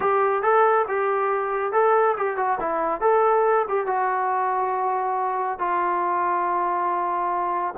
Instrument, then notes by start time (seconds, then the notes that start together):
trombone
0.00 G4
0.42 A4
0.88 G4
1.72 A4
2.17 G4
2.37 F#4
2.60 E4
3.00 A4
3.68 G4
3.86 F#4
5.58 F4